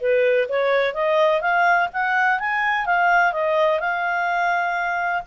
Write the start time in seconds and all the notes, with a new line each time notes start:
0.00 B4
0.48 C#5
0.94 D#5
1.41 F5
1.93 F#5
2.39 G#5
2.85 F5
3.32 D#5
3.79 F5